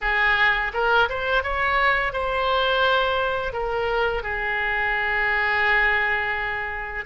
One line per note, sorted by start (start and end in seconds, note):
0.01 0.72 G#4
0.73 1.08 A#4
1.09 1.43 C5
1.43 2.12 C#5
2.12 3.52 C5
3.52 4.22 A#4
4.22 7.05 G#4